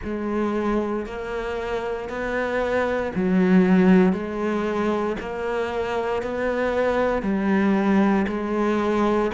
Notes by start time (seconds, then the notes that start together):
0.03 G#3
1.06 A#3
2.09 B3
3.15 F#3
4.12 G#3
5.20 A#3
6.22 B3
7.22 G3
8.27 G#3